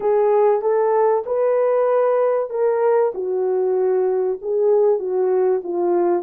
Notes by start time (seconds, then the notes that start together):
0.00 G#4
0.61 A4
1.26 B4
2.50 A#4
3.14 F#4
4.41 G#4
4.99 F#4
5.63 F4